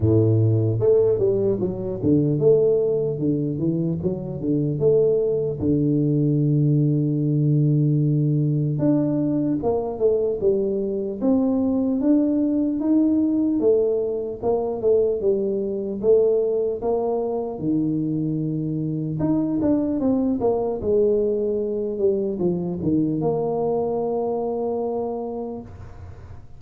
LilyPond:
\new Staff \with { instrumentName = "tuba" } { \time 4/4 \tempo 4 = 75 a,4 a8 g8 fis8 d8 a4 | d8 e8 fis8 d8 a4 d4~ | d2. d'4 | ais8 a8 g4 c'4 d'4 |
dis'4 a4 ais8 a8 g4 | a4 ais4 dis2 | dis'8 d'8 c'8 ais8 gis4. g8 | f8 dis8 ais2. | }